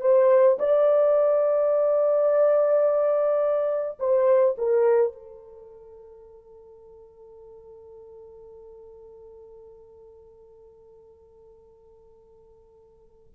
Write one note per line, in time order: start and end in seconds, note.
0.00 0.57 C5
0.59 3.98 D5
3.99 4.55 C5
4.57 5.12 A#4
5.12 13.33 A4